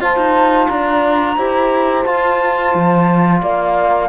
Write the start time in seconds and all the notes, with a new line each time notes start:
0.00 F4 C5 A5
0.16 D#4
0.68 D4 D5 A#5
1.37 E4 G4 C5
2.03 F4 A5
2.75 F3
3.41 A#3 D5 F5